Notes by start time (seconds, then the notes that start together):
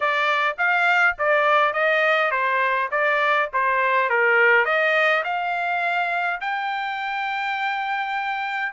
0.00 D5
0.58 F5
1.18 D5
1.73 D#5
2.31 C5
2.91 D5
3.53 C5
4.09 A#4
4.65 D#5
5.23 F5
6.41 G5